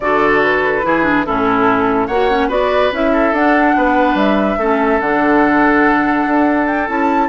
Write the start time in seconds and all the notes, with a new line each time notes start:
0.00 D3 F#4 A4 D5
0.42 B4
0.83 E3 E4 G#4
1.03 D4
1.25 A2 C#4 E4 A4
2.07 A#3 F#4 C#5 F#5
2.30 C#4
2.48 B3 F#4 B4 D5
2.91 C#4 E4 E5
3.12 A4
3.32 D4 F#5
3.76 B3 B4
4.14 G3 E5
4.57 A3 C#4 A4
5.00 D3 D4 F#5
6.26 D4
6.67 G5
6.87 C#4 E4 A5